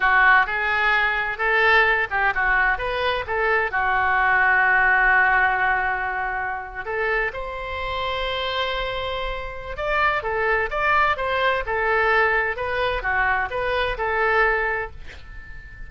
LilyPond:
\new Staff \with { instrumentName = "oboe" } { \time 4/4 \tempo 4 = 129 fis'4 gis'2 a'4~ | a'8 g'8 fis'4 b'4 a'4 | fis'1~ | fis'2~ fis'8. a'4 c''16~ |
c''1~ | c''4 d''4 a'4 d''4 | c''4 a'2 b'4 | fis'4 b'4 a'2 | }